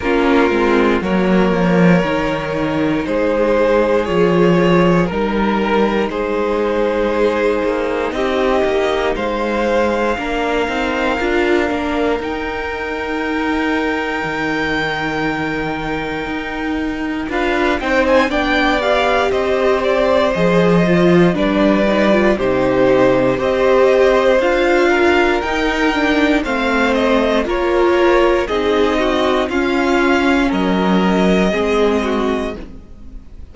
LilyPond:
<<
  \new Staff \with { instrumentName = "violin" } { \time 4/4 \tempo 4 = 59 ais'4 cis''2 c''4 | cis''4 ais'4 c''2 | dis''4 f''2. | g''1~ |
g''4 f''8 g''16 gis''16 g''8 f''8 dis''8 d''8 | dis''4 d''4 c''4 dis''4 | f''4 g''4 f''8 dis''8 cis''4 | dis''4 f''4 dis''2 | }
  \new Staff \with { instrumentName = "violin" } { \time 4/4 f'4 ais'2 gis'4~ | gis'4 ais'4 gis'2 | g'4 c''4 ais'2~ | ais'1~ |
ais'4 b'8 c''8 d''4 c''4~ | c''4 b'4 g'4 c''4~ | c''8 ais'4. c''4 ais'4 | gis'8 fis'8 f'4 ais'4 gis'8 fis'8 | }
  \new Staff \with { instrumentName = "viola" } { \time 4/4 cis'8 c'8 ais4 dis'2 | f'4 dis'2.~ | dis'2 d'8 dis'8 f'8 d'8 | dis'1~ |
dis'4 f'8 dis'8 d'8 g'4. | gis'8 f'8 d'8 dis'16 f'16 dis'4 g'4 | f'4 dis'8 d'8 c'4 f'4 | dis'4 cis'2 c'4 | }
  \new Staff \with { instrumentName = "cello" } { \time 4/4 ais8 gis8 fis8 f8 dis4 gis4 | f4 g4 gis4. ais8 | c'8 ais8 gis4 ais8 c'8 d'8 ais8 | dis'2 dis2 |
dis'4 d'8 c'8 b4 c'4 | f4 g4 c4 c'4 | d'4 dis'4 a4 ais4 | c'4 cis'4 fis4 gis4 | }
>>